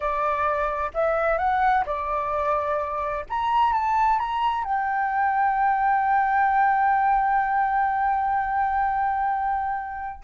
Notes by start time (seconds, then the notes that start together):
0.00 D5
0.93 E5
1.37 F#5
1.85 D5
3.29 A#5
3.73 A5
4.19 A#5
4.64 G5